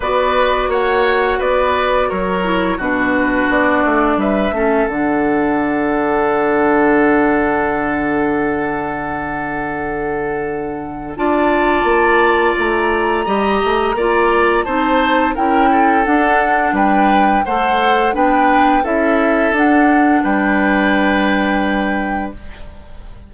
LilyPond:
<<
  \new Staff \with { instrumentName = "flute" } { \time 4/4 \tempo 4 = 86 d''4 fis''4 d''4 cis''4 | b'4 d''4 e''4 fis''4~ | fis''1~ | fis''1 |
a''2 ais''2~ | ais''4 a''4 g''4 fis''4 | g''4 fis''4 g''4 e''4 | fis''4 g''2. | }
  \new Staff \with { instrumentName = "oboe" } { \time 4/4 b'4 cis''4 b'4 ais'4 | fis'2 b'8 a'4.~ | a'1~ | a'1 |
d''2. dis''4 | d''4 c''4 ais'8 a'4. | b'4 c''4 b'4 a'4~ | a'4 b'2. | }
  \new Staff \with { instrumentName = "clarinet" } { \time 4/4 fis'2.~ fis'8 e'8 | d'2~ d'8 cis'8 d'4~ | d'1~ | d'1 |
f'2. g'4 | f'4 dis'4 e'4 d'4~ | d'4 a'4 d'4 e'4 | d'1 | }
  \new Staff \with { instrumentName = "bassoon" } { \time 4/4 b4 ais4 b4 fis4 | b,4 b8 a8 g8 a8 d4~ | d1~ | d1 |
d'4 ais4 a4 g8 a8 | ais4 c'4 cis'4 d'4 | g4 a4 b4 cis'4 | d'4 g2. | }
>>